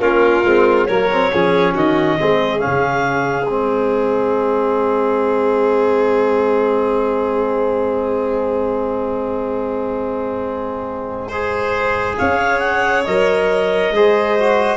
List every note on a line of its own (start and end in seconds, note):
0.00 0.43 A#3
0.00 0.45 C#4
0.00 0.88 F4
0.00 0.86 A#4
0.45 0.88 G#3
0.45 0.88 C4
0.86 1.33 F#3
0.86 1.11 A#3
0.86 1.32 A#4
0.86 1.73 C#5
1.11 1.32 C4
1.33 1.75 F3
1.33 2.19 C#4
1.33 1.74 G#4
1.74 2.18 D#3
1.74 2.18 F#4
1.74 2.60 D#5
2.19 2.64 G#3
2.19 2.59 C4
2.19 11.29 G#4
2.59 3.46 C#4
2.59 3.46 F5
2.66 3.50 C#3
3.46 12.19 G#3
3.46 11.32 C4
3.46 12.16 D#5
11.29 13.06 G#4
11.29 12.16 C5
12.18 13.07 C#4
12.18 13.93 C#5
12.18 12.60 F5
12.60 13.03 F#5
13.05 13.91 F#3
13.05 13.94 A#4
13.05 14.77 D#5
13.91 14.77 G#3
13.91 14.39 G#4
13.91 14.77 C5
14.39 14.77 F#4